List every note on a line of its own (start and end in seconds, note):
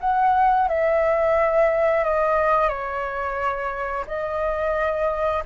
0.00 0.68 F#5
0.68 2.04 E5
2.04 2.68 D#5
2.68 4.05 C#5
4.07 5.43 D#5